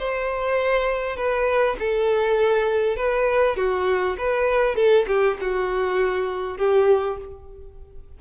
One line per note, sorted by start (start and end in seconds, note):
0.00 1.17 C5
1.17 1.77 B4
1.80 2.97 A4
2.97 3.57 B4
3.57 4.17 F#4
4.19 4.76 B4
4.76 5.06 A4
5.08 5.38 G4
5.41 6.58 F#4
6.58 7.18 G4